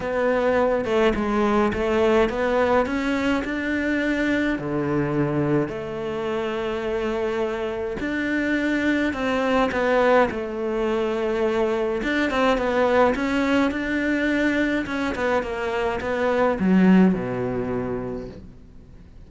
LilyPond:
\new Staff \with { instrumentName = "cello" } { \time 4/4 \tempo 4 = 105 b4. a8 gis4 a4 | b4 cis'4 d'2 | d2 a2~ | a2 d'2 |
c'4 b4 a2~ | a4 d'8 c'8 b4 cis'4 | d'2 cis'8 b8 ais4 | b4 fis4 b,2 | }